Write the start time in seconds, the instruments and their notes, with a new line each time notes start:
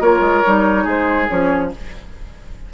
0.00 bassoon A#3, clarinet F4, oboe A#4, flute C#5
0.21 bassoon G#3
0.45 bassoon G3, clarinet D#4
0.84 bassoon G#3, oboe G#4, flute C5
1.28 bassoon F3, clarinet C#4, flute C#5